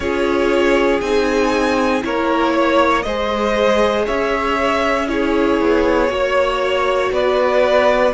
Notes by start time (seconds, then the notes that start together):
0.00 C#4 F4 G#4 C#5
1.00 C4 D#4 G#5
2.01 A#3 E4 A#4 C#5
2.53 C#5
3.02 G#3 G#4 C5 D#5
4.05 C#4 C#5 E5
5.08 E4 G#4 C#5
5.61 B3
6.08 A#3 F#4 C#5
7.11 B3 B4 D5